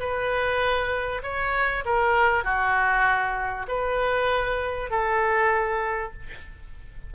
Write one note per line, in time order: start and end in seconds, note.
0.00 1.22 B4
1.23 1.85 C#5
1.85 2.44 A#4
2.44 3.67 F#4
3.68 4.91 B4
4.91 6.13 A4